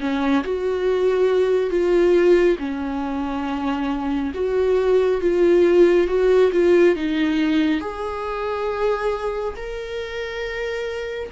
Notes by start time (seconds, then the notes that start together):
0.00 C#4
0.44 F#4
1.70 F4
2.58 C#4
4.34 F#4
5.21 F4
6.08 F#4
6.52 F4
6.96 D#4
7.81 G#4
9.56 A#4